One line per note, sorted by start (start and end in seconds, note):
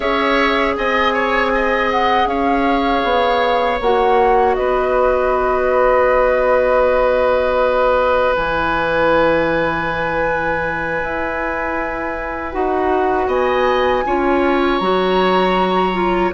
0.00 0.75 C#4
0.00 3.78 G#4
0.00 0.74 C#5
0.00 0.76 E5
0.76 2.26 C4
0.76 1.13 D#5
0.76 1.90 G#5
1.13 1.51 C#5
1.54 2.28 D#5
1.90 2.27 F#5
2.26 3.02 C#4
2.26 4.56 C#5
2.26 3.79 F5
3.03 3.79 B3
3.80 4.56 A#3
3.80 8.36 F#4
3.80 4.55 F#5
4.55 8.36 B3
4.55 13.27 B4
4.55 8.34 D#5
8.35 11.02 E3
8.35 12.51 E4
8.35 12.53 G#5
11.02 12.54 E4
12.51 13.27 D#4
12.51 14.03 F#4
12.51 13.28 F#5
13.27 14.03 B3
13.27 14.03 D#5
13.27 14.78 G#5
14.06 14.80 C#4
14.06 14.82 F4
14.06 16.33 C#5
14.78 16.32 F#3
14.78 15.93 F#4
14.78 16.30 A#5
15.93 16.31 F4